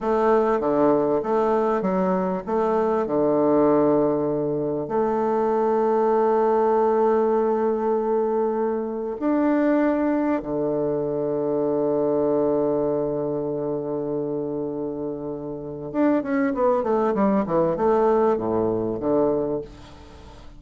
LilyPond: \new Staff \with { instrumentName = "bassoon" } { \time 4/4 \tempo 4 = 98 a4 d4 a4 fis4 | a4 d2. | a1~ | a2. d'4~ |
d'4 d2.~ | d1~ | d2 d'8 cis'8 b8 a8 | g8 e8 a4 a,4 d4 | }